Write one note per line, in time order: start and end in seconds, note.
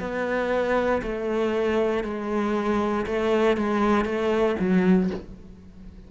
0.00 1.02 B3
1.03 2.04 A3
2.04 3.06 G#3
3.06 3.57 A3
3.57 4.05 G#3
4.05 4.56 A3
4.59 5.10 F#3